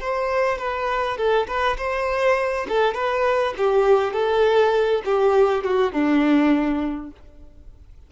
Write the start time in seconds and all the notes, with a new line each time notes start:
0.00 C5
0.58 B4
1.17 A4
1.47 B4
1.77 C5
2.68 A4
2.94 B4
3.58 G4
4.13 A4
5.05 G4
5.64 F#4
5.92 D4